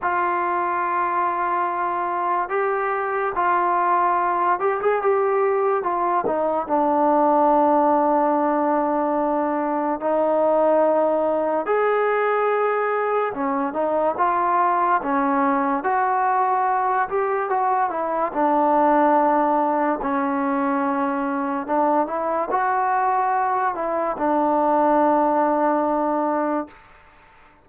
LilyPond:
\new Staff \with { instrumentName = "trombone" } { \time 4/4 \tempo 4 = 72 f'2. g'4 | f'4. g'16 gis'16 g'4 f'8 dis'8 | d'1 | dis'2 gis'2 |
cis'8 dis'8 f'4 cis'4 fis'4~ | fis'8 g'8 fis'8 e'8 d'2 | cis'2 d'8 e'8 fis'4~ | fis'8 e'8 d'2. | }